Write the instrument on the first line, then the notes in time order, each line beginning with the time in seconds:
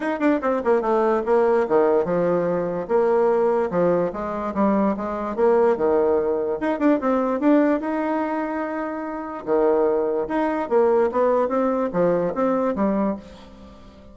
bassoon
0.00 D#4
0.19 D4
0.41 C4
0.64 A#3
0.81 A3
1.25 A#3
1.68 D#3
2.05 F3
2.88 A#3
3.70 F3
4.12 G#3
4.54 G3
4.96 G#3
5.36 A#3
5.76 D#3
6.60 D#4
6.79 D4
7.00 C4
7.40 D4
7.80 D#4
9.45 D#3
10.28 D#4
10.69 A#3
11.11 B3
11.48 C4
11.92 F3
12.34 C4
12.75 G3